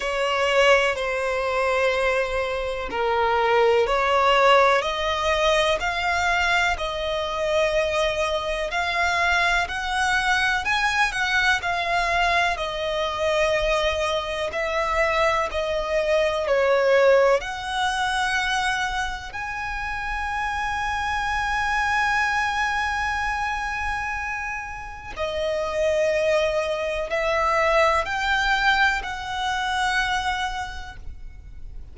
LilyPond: \new Staff \with { instrumentName = "violin" } { \time 4/4 \tempo 4 = 62 cis''4 c''2 ais'4 | cis''4 dis''4 f''4 dis''4~ | dis''4 f''4 fis''4 gis''8 fis''8 | f''4 dis''2 e''4 |
dis''4 cis''4 fis''2 | gis''1~ | gis''2 dis''2 | e''4 g''4 fis''2 | }